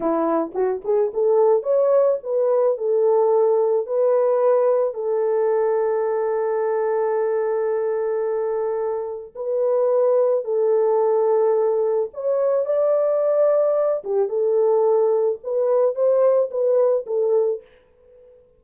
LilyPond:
\new Staff \with { instrumentName = "horn" } { \time 4/4 \tempo 4 = 109 e'4 fis'8 gis'8 a'4 cis''4 | b'4 a'2 b'4~ | b'4 a'2.~ | a'1~ |
a'4 b'2 a'4~ | a'2 cis''4 d''4~ | d''4. g'8 a'2 | b'4 c''4 b'4 a'4 | }